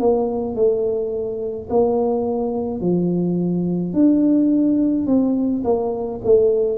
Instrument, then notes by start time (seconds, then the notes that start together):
tuba
0.00 A#3
0.56 A3
1.70 A#3
2.81 F3
3.94 D4
5.07 C4
5.64 A#3
6.25 A3